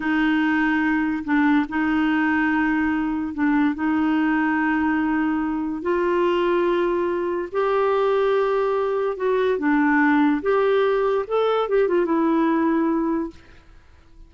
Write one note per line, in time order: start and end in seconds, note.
0.00 1.23 D#4
1.24 1.66 D4
1.69 3.34 D#4
3.34 3.74 D4
3.74 5.82 D#4
5.82 7.48 F4
7.52 9.16 G4
9.16 9.58 F#4
9.58 10.41 D4
10.42 11.25 G4
11.27 11.68 A4
11.68 11.87 G4
11.87 12.05 F4
12.05 13.30 E4